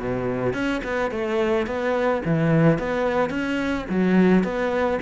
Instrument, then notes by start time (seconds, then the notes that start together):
cello
0.00 B2
0.54 C#4
0.84 B3
1.11 A3
1.67 B3
2.25 E3
2.79 B3
3.30 C#4
3.89 F#3
4.44 B3